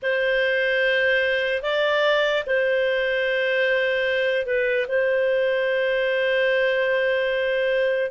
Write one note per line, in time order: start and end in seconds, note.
0.02 1.62 C5
1.62 2.43 D5
2.46 4.46 C5
4.46 4.86 B4
4.88 8.11 C5